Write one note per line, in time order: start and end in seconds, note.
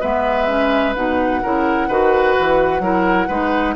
0.00 0.95 G#3
0.00 0.47 B3
0.00 1.41 B4
0.00 0.94 E5
0.47 0.94 C#4
0.95 1.42 B2
0.95 1.41 D#4
0.95 3.75 F#5
1.42 1.88 C#3
1.42 1.89 E4
1.42 1.88 A#4
1.88 2.35 D#3
1.88 2.81 F#4
1.88 2.81 B4
2.39 2.79 E3
2.79 3.26 F#3
2.79 3.28 E4
2.79 3.27 A#4
3.27 3.75 G#3
3.27 3.75 D#4
3.27 3.74 B4